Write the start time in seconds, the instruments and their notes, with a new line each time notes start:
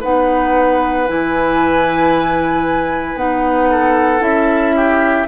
0.00 bassoon B3, clarinet D#4, oboe B4, flute F#5
1.07 bassoon E3, clarinet E4, flute G#5
3.15 bassoon B3, clarinet D#4, flute F#5
3.70 oboe A4
4.19 bassoon C#4, clarinet E4, flute E5
4.76 oboe G4